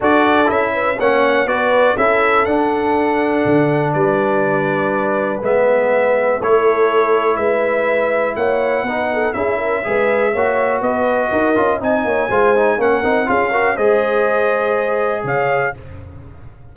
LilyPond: <<
  \new Staff \with { instrumentName = "trumpet" } { \time 4/4 \tempo 4 = 122 d''4 e''4 fis''4 d''4 | e''4 fis''2. | d''2. e''4~ | e''4 cis''2 e''4~ |
e''4 fis''2 e''4~ | e''2 dis''2 | gis''2 fis''4 f''4 | dis''2. f''4 | }
  \new Staff \with { instrumentName = "horn" } { \time 4/4 a'4. b'8 cis''4 b'4 | a'1 | b'1~ | b'4 a'2 b'4~ |
b'4 cis''4 b'8 a'8 gis'8 ais'8 | b'4 cis''4 b'4 ais'4 | dis''8 cis''8 c''4 ais'4 gis'8 ais'8 | c''2. cis''4 | }
  \new Staff \with { instrumentName = "trombone" } { \time 4/4 fis'4 e'4 cis'4 fis'4 | e'4 d'2.~ | d'2. b4~ | b4 e'2.~ |
e'2 dis'4 e'4 | gis'4 fis'2~ fis'8 f'8 | dis'4 f'8 dis'8 cis'8 dis'8 f'8 fis'8 | gis'1 | }
  \new Staff \with { instrumentName = "tuba" } { \time 4/4 d'4 cis'4 ais4 b4 | cis'4 d'2 d4 | g2. gis4~ | gis4 a2 gis4~ |
gis4 ais4 b4 cis'4 | gis4 ais4 b4 dis'8 cis'8 | c'8 ais8 gis4 ais8 c'8 cis'4 | gis2. cis4 | }
>>